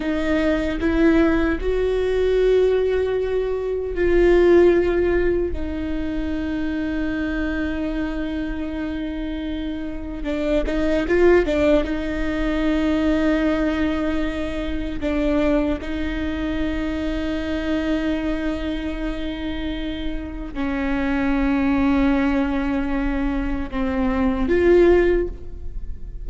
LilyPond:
\new Staff \with { instrumentName = "viola" } { \time 4/4 \tempo 4 = 76 dis'4 e'4 fis'2~ | fis'4 f'2 dis'4~ | dis'1~ | dis'4 d'8 dis'8 f'8 d'8 dis'4~ |
dis'2. d'4 | dis'1~ | dis'2 cis'2~ | cis'2 c'4 f'4 | }